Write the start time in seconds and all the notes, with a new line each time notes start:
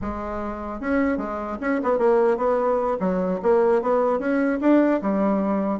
0.01 G#3
0.80 C#4
1.17 G#3
1.60 C#4
1.83 B3
1.98 A#3
2.37 B3
3.00 F#3
3.42 A#3
3.82 B3
4.19 C#4
4.60 D4
5.01 G3